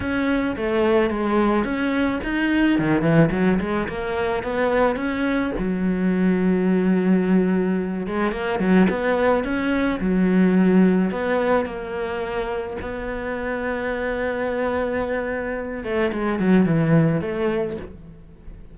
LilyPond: \new Staff \with { instrumentName = "cello" } { \time 4/4 \tempo 4 = 108 cis'4 a4 gis4 cis'4 | dis'4 dis8 e8 fis8 gis8 ais4 | b4 cis'4 fis2~ | fis2~ fis8 gis8 ais8 fis8 |
b4 cis'4 fis2 | b4 ais2 b4~ | b1~ | b8 a8 gis8 fis8 e4 a4 | }